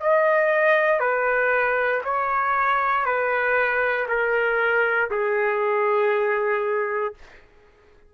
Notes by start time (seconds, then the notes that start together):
0.00 D#5
1.00 B4
2.04 C#5
3.05 B4
4.08 A#4
5.10 G#4